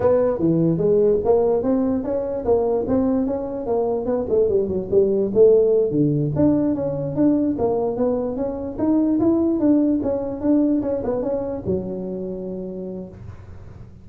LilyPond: \new Staff \with { instrumentName = "tuba" } { \time 4/4 \tempo 4 = 147 b4 e4 gis4 ais4 | c'4 cis'4 ais4 c'4 | cis'4 ais4 b8 a8 g8 fis8 | g4 a4. d4 d'8~ |
d'8 cis'4 d'4 ais4 b8~ | b8 cis'4 dis'4 e'4 d'8~ | d'8 cis'4 d'4 cis'8 b8 cis'8~ | cis'8 fis2.~ fis8 | }